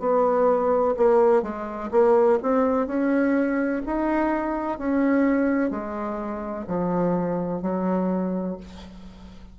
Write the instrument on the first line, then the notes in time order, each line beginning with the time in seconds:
bassoon
0.00 B3
0.97 A#3
1.43 G#3
1.92 A#3
2.43 C4
2.87 C#4
3.87 D#4
4.79 C#4
5.71 G#3
6.68 F3
7.62 F#3